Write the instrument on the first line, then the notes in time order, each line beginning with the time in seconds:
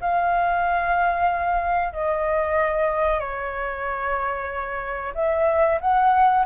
flute
0.00 F5
1.93 D#5
3.20 C#5
5.14 E5
5.80 F#5